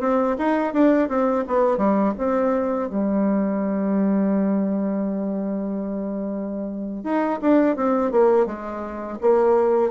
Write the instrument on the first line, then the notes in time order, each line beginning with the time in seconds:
bassoon
0.00 C4
0.38 D#4
0.73 D4
1.08 C4
1.47 B3
1.77 G3
2.18 C4
2.89 G3
7.04 D#4
7.41 D4
7.76 C4
8.11 A#3
8.46 G#3
9.21 A#3